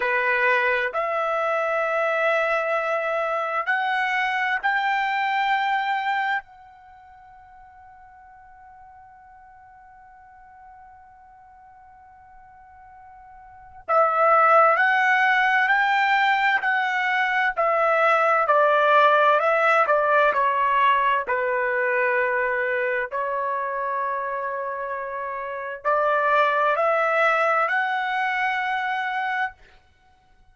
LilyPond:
\new Staff \with { instrumentName = "trumpet" } { \time 4/4 \tempo 4 = 65 b'4 e''2. | fis''4 g''2 fis''4~ | fis''1~ | fis''2. e''4 |
fis''4 g''4 fis''4 e''4 | d''4 e''8 d''8 cis''4 b'4~ | b'4 cis''2. | d''4 e''4 fis''2 | }